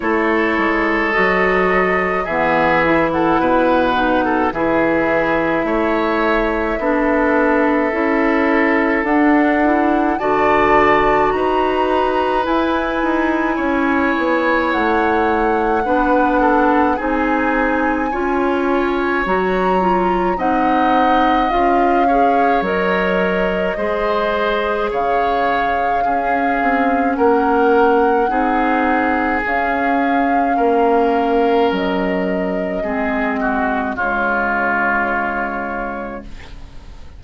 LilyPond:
<<
  \new Staff \with { instrumentName = "flute" } { \time 4/4 \tempo 4 = 53 cis''4 dis''4 e''8. fis''4~ fis''16 | e''1 | fis''4 a''4 ais''4 gis''4~ | gis''4 fis''2 gis''4~ |
gis''4 ais''4 fis''4 f''4 | dis''2 f''2 | fis''2 f''2 | dis''2 cis''2 | }
  \new Staff \with { instrumentName = "oboe" } { \time 4/4 a'2 gis'8. a'16 b'8. a'16 | gis'4 cis''4 a'2~ | a'4 d''4 b'2 | cis''2 b'8 a'8 gis'4 |
cis''2 dis''4. cis''8~ | cis''4 c''4 cis''4 gis'4 | ais'4 gis'2 ais'4~ | ais'4 gis'8 fis'8 f'2 | }
  \new Staff \with { instrumentName = "clarinet" } { \time 4/4 e'4 fis'4 b8 e'4 dis'8 | e'2 d'4 e'4 | d'8 e'8 fis'2 e'4~ | e'2 d'4 dis'4 |
f'4 fis'8 f'8 dis'4 f'8 gis'8 | ais'4 gis'2 cis'4~ | cis'4 dis'4 cis'2~ | cis'4 c'4 gis2 | }
  \new Staff \with { instrumentName = "bassoon" } { \time 4/4 a8 gis8 fis4 e4 b,4 | e4 a4 b4 cis'4 | d'4 d4 dis'4 e'8 dis'8 | cis'8 b8 a4 b4 c'4 |
cis'4 fis4 c'4 cis'4 | fis4 gis4 cis4 cis'8 c'8 | ais4 c'4 cis'4 ais4 | fis4 gis4 cis2 | }
>>